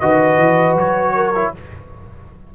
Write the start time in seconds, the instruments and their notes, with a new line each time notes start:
0.00 tuba D#3, trombone F#4, horn B4, trumpet D#5
0.37 tuba E3
0.75 tuba F#3, trumpet C#5
1.15 horn A#4
1.35 trombone E4